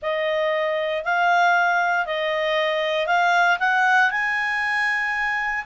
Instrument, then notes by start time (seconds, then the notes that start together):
clarinet
0.02 D#5
1.04 F5
2.06 D#5
3.06 F5
3.59 F#5
4.10 G#5